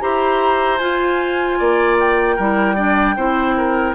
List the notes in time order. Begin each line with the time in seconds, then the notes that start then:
0.00 E4 G4 C5 A#5
0.78 F4 G#5
1.59 A#3 D5
1.99 G5
2.36 G3 E4 A#4
2.75 D4 D5
3.16 C4 E4 C5
3.57 A#4